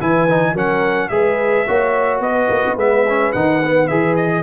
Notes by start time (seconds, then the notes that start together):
0.00 E3 E4 B4 G#5
0.29 D#4
0.52 F#3 C#4 A#4 F#5
1.08 G#3 G#4 B4 E5
1.67 A#3 F#4 C#5
2.20 B3 B4 D#5
2.49 A#3
2.66 B3
2.76 G#3 B3 E5
3.08 C#4
3.32 D#3 D#4 F#5
3.64 B3
3.87 E3 G#4 E5
4.16 D#5